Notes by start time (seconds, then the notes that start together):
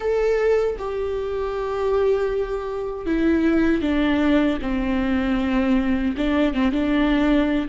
0.00 A4
0.78 G4
3.06 E4
3.81 D4
4.61 C4
6.17 D4
6.53 C4
6.72 D4